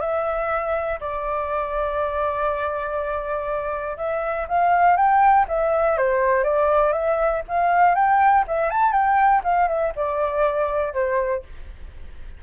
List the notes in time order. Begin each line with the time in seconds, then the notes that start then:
0.00 E5
1.00 D5
3.97 E5
4.48 F5
4.96 G5
5.48 E5
5.97 C5
6.43 D5
6.92 E5
7.48 F5
7.95 G5
8.47 E5
8.70 A5
8.92 G5
9.43 F5
9.68 E5
9.96 D5
10.93 C5